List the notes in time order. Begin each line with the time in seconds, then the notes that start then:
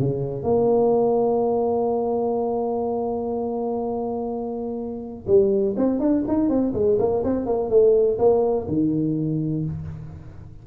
0.00 C#3
0.43 A#3
5.27 G3
5.78 C4
6.00 D4
6.28 D#4
6.50 C4
6.74 G#3
6.99 A#3
7.25 C4
7.47 A#3
7.70 A3
8.19 A#3
8.69 D#3